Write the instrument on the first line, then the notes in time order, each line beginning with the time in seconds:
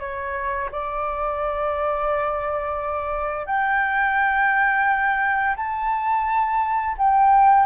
flute
0.00 C#5
0.72 D5
3.46 G5
5.57 A5
6.98 G5